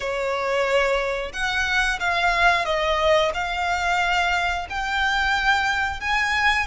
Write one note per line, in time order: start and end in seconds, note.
0.00 1.32 C#5
1.32 1.99 F#5
1.99 2.65 F5
2.65 3.32 D#5
3.34 4.67 F5
4.69 6.00 G5
6.00 6.66 G#5